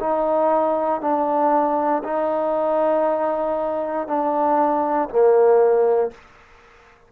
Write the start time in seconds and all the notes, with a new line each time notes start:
0.00 D#4
1.02 D4
2.04 D#4
4.08 D4
5.10 A#3